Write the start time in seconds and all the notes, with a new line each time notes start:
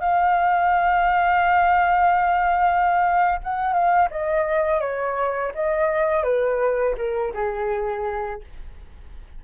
0.00 F5
3.44 F#5
3.73 F5
4.11 D#5
4.81 C#5
5.55 D#5
6.23 B4
6.97 A#4
7.34 G#4